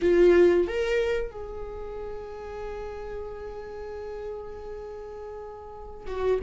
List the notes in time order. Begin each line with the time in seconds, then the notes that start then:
0.01 F4
0.67 A#4
1.31 G#4
6.06 F#4